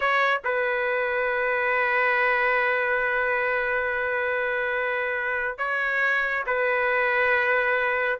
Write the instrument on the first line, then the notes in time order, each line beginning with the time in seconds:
trumpet
0.00 C#5
0.44 B4
5.58 C#5
6.46 B4